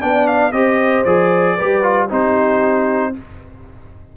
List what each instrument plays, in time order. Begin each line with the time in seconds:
0.00 tuba B3, trombone D4, horn D5, trumpet G5
0.27 trumpet F5
0.52 tuba C4, trombone G4, horn C5, trumpet D#5
1.04 tuba F3, trombone G#4, trumpet D5
1.56 tuba G3, trombone G4, horn B4
1.82 trombone F4
2.08 tuba C4, trombone D#4, horn G4, trumpet C5